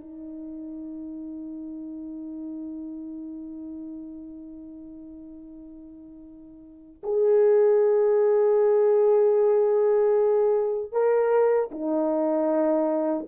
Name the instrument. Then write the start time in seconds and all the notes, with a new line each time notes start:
horn
0.00 D#4
7.03 G#4
10.92 A#4
11.71 D#4